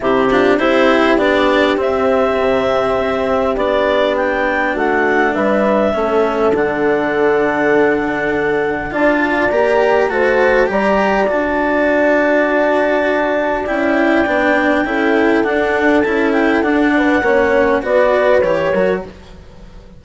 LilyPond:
<<
  \new Staff \with { instrumentName = "clarinet" } { \time 4/4 \tempo 4 = 101 g'4 c''4 d''4 e''4~ | e''2 d''4 g''4 | fis''4 e''2 fis''4~ | fis''2. a''4 |
ais''4 a''4 ais''4 a''4~ | a''2. g''4~ | g''2 fis''4 a''8 g''8 | fis''2 d''4 cis''4 | }
  \new Staff \with { instrumentName = "horn" } { \time 4/4 e'8 f'8 g'2.~ | g'1 | fis'4 b'4 a'2~ | a'2. d''4~ |
d''4 c''4 d''2~ | d''1~ | d''4 a'2.~ | a'8 b'8 cis''4 b'4. ais'8 | }
  \new Staff \with { instrumentName = "cello" } { \time 4/4 c'8 d'8 e'4 d'4 c'4~ | c'2 d'2~ | d'2 cis'4 d'4~ | d'2. f'4 |
g'4 fis'4 g'4 fis'4~ | fis'2. e'4 | d'4 e'4 d'4 e'4 | d'4 cis'4 fis'4 g'8 fis'8 | }
  \new Staff \with { instrumentName = "bassoon" } { \time 4/4 c4 c'4 b4 c'4 | c4 c'4 b2 | a4 g4 a4 d4~ | d2. d'4 |
ais4 a4 g4 d'4~ | d'2. cis'4 | b4 cis'4 d'4 cis'4 | d'4 ais4 b4 e8 fis8 | }
>>